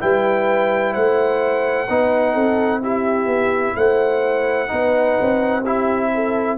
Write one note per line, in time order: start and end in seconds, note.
0.00 0.96 G3
0.00 1.88 E4
0.00 0.93 B4
0.00 0.93 G5
0.93 1.88 A3
0.93 1.87 C5
0.93 2.81 F#5
1.88 2.35 B3
1.88 2.81 D#4
1.88 2.33 B4
2.33 3.26 C4
2.33 2.80 A4
2.81 4.68 E4
2.81 3.76 G4
2.81 3.76 E5
3.26 3.73 B3
3.76 4.70 A3
3.76 4.70 C5
3.76 5.64 F#5
4.68 5.19 B3
4.68 5.62 D#4
4.68 5.62 B4
5.21 6.57 C4
5.62 6.57 E4
5.62 6.09 G4
5.62 6.57 E5
6.14 6.57 A4